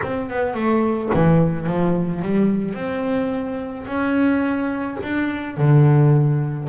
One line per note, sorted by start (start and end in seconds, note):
0.02 0.29 C4
0.29 0.54 B3
0.54 1.09 A3
1.14 1.66 E3
1.66 2.21 F3
2.22 2.74 G3
2.74 3.85 C4
3.86 4.97 C#4
5.03 5.57 D4
5.57 6.68 D3